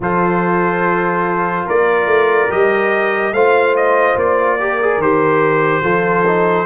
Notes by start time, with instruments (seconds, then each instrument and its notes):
0.00 tuba F3, trombone F4, horn A4, trumpet C5
1.66 tuba A#3, horn A#4, trumpet D5
2.06 tuba A3
2.49 tuba G3, trombone G4, trumpet D#5
3.32 tuba A3, trombone F4, horn C5, trumpet F5
3.76 trumpet D#5
4.16 tuba A#3, trumpet D5
4.59 trombone G4, horn A#4
4.81 trombone G#4
4.97 tuba D#3, trombone G4, trumpet C5
5.82 tuba F3, trombone F4, horn A4
6.26 trombone D#4